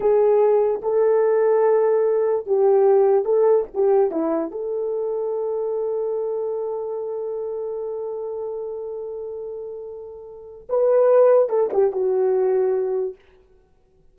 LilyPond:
\new Staff \with { instrumentName = "horn" } { \time 4/4 \tempo 4 = 146 gis'2 a'2~ | a'2 g'2 | a'4 g'4 e'4 a'4~ | a'1~ |
a'1~ | a'1~ | a'2 b'2 | a'8 g'8 fis'2. | }